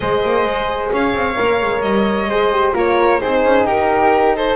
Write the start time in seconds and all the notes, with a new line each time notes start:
0.00 G#3 G#4 C5 D#5
0.24 A#3
0.45 G#3
0.92 C#4 C#5 F5
1.13 C4
1.36 A#3 A#4
1.62 G#3
1.81 G3 D#5
2.28 G#3 G#4 C5
2.52 G4
2.73 A#3 F4 A#4 C#5
3.19 C4 D#4 G#4 C5
3.45 C#4
3.64 D#4 G4 A#4
4.35 A4 C5